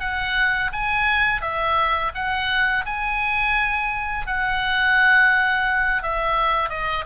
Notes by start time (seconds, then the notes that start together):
0.00 F#5
0.72 G#5
1.41 E5
2.14 F#5
2.85 G#5
4.27 F#5
6.02 E5
6.69 D#5